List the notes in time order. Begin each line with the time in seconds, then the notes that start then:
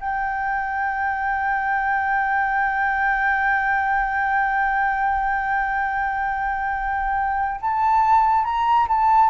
0.00 G5
7.61 A5
8.45 A#5
8.88 A5